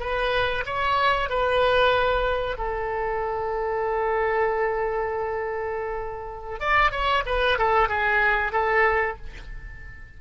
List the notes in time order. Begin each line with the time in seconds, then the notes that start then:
0.00 B4
0.66 C#5
1.30 B4
2.58 A4
6.60 D5
6.91 C#5
7.26 B4
7.59 A4
7.89 G#4
8.52 A4